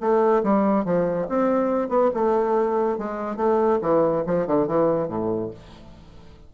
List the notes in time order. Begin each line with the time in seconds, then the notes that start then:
0.00 A3
0.43 G3
0.85 F3
1.29 C4
1.89 B3
2.14 A3
2.98 G#3
3.36 A3
3.81 E3
4.26 F3
4.47 D3
4.67 E3
5.08 A2